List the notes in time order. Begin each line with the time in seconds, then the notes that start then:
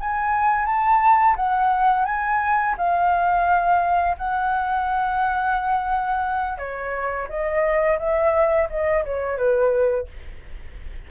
0.00 G#5
0.66 A5
1.36 F#5
2.05 G#5
2.77 F5
4.17 F#5
6.58 C#5
7.28 D#5
7.99 E5
8.70 D#5
9.04 C#5
9.37 B4